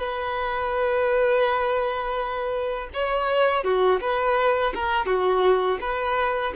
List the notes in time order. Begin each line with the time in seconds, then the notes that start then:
0.00 B4
2.94 C#5
3.64 F#4
4.02 B4
4.75 A#4
5.07 F#4
5.81 B4